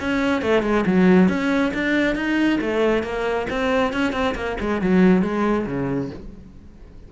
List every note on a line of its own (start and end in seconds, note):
0.00 0.42 C#4
0.42 0.63 A3
0.63 0.85 G#3
0.86 1.29 F#3
1.29 1.72 C#4
1.74 2.16 D4
2.16 2.59 D#4
2.61 3.03 A3
3.03 3.47 A#3
3.50 3.93 C4
3.93 4.13 C#4
4.13 4.35 C4
4.35 4.57 A#3
4.60 4.82 G#3
4.82 5.22 F#3
5.22 5.66 G#3
5.66 6.10 C#3